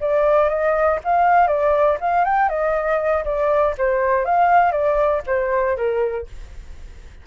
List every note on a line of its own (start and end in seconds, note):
0.00 0.49 D5
0.49 0.99 D#5
1.04 1.47 F5
1.47 1.97 D5
2.00 2.24 F5
2.24 2.49 G5
2.49 3.24 D#5
3.24 3.74 D5
3.77 4.25 C5
4.25 4.71 F5
4.71 5.21 D5
5.26 5.76 C5
5.76 6.26 A#4